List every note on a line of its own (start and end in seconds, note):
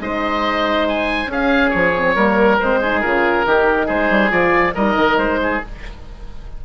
0.00 1.27 G#3
0.00 1.30 D#4
0.00 1.31 C5
0.00 0.88 D#5
0.88 1.32 G#5
1.27 1.70 C#4
1.27 1.95 C#4
1.27 2.15 G#4
1.27 1.70 F5
1.70 2.16 F3
1.70 2.57 C#5
1.96 2.16 C4
2.15 2.59 G3
2.15 2.59 A#3
2.15 2.80 A#4
2.60 3.05 G#3
2.60 2.83 C4
2.60 3.01 C5
2.82 3.03 D#4
2.82 3.46 G#4
3.01 3.46 C#3
3.01 3.46 F4
3.01 3.87 A#4
3.46 3.89 D#3
3.46 4.30 D#4
3.46 3.86 G4
3.86 4.10 G#3
3.86 4.72 G#4
3.86 4.31 C5
4.10 4.31 G3
4.30 4.74 F3
4.30 4.73 F4
4.30 4.75 D5
4.75 4.96 G3
4.75 5.64 D#4
4.75 5.39 A#4
4.75 5.18 D#5
4.96 5.17 D#3
5.18 5.61 G#3
5.18 5.61 C5
5.43 5.65 G#4